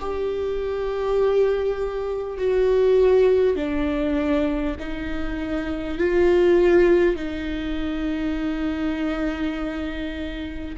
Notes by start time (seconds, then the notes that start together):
0.00 G4
2.38 F#4
3.56 D4
4.79 D#4
5.98 F4
7.16 D#4